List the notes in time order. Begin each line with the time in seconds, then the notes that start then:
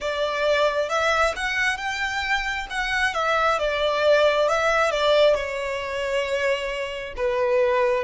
0.00 D5
0.89 E5
1.36 F#5
1.77 G5
2.69 F#5
3.13 E5
3.58 D5
4.48 E5
4.91 D5
5.34 C#5
7.16 B4